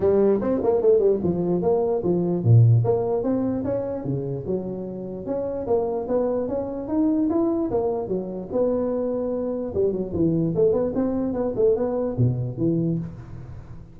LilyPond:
\new Staff \with { instrumentName = "tuba" } { \time 4/4 \tempo 4 = 148 g4 c'8 ais8 a8 g8 f4 | ais4 f4 ais,4 ais4 | c'4 cis'4 cis4 fis4~ | fis4 cis'4 ais4 b4 |
cis'4 dis'4 e'4 ais4 | fis4 b2. | g8 fis8 e4 a8 b8 c'4 | b8 a8 b4 b,4 e4 | }